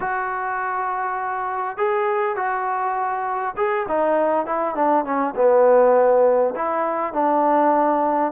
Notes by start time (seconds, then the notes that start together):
0.00 F#4
1.77 G#4
2.36 F#4
3.56 G#4
3.88 D#4
4.46 E4
4.75 D4
5.04 C#4
5.35 B3
6.55 E4
7.13 D4